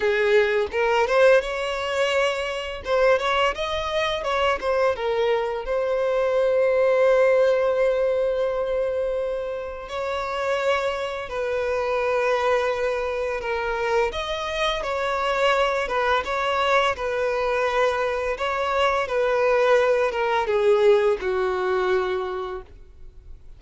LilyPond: \new Staff \with { instrumentName = "violin" } { \time 4/4 \tempo 4 = 85 gis'4 ais'8 c''8 cis''2 | c''8 cis''8 dis''4 cis''8 c''8 ais'4 | c''1~ | c''2 cis''2 |
b'2. ais'4 | dis''4 cis''4. b'8 cis''4 | b'2 cis''4 b'4~ | b'8 ais'8 gis'4 fis'2 | }